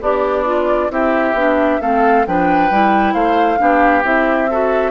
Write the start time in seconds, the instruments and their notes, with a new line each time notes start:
0.00 bassoon B3, oboe D4, clarinet G4, flute D5
0.45 clarinet F4
0.89 bassoon C4, clarinet E4, oboe G4, flute E5
1.33 bassoon B3, clarinet D4
1.81 bassoon A3, clarinet C4, oboe A4, flute F5
2.26 bassoon F3, clarinet D4, oboe B4, flute G5
2.70 bassoon G3, clarinet E4
3.13 bassoon A3, oboe C5, flute F5
3.57 bassoon B3, clarinet D4, oboe G4
4.03 bassoon C4, clarinet E4, flute E5
4.50 clarinet F#4, oboe A4